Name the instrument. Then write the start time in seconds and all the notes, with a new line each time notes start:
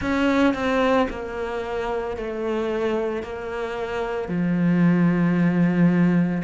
cello
0.01 C#4
0.54 C4
1.10 A#3
2.16 A3
3.22 A#3
4.28 F3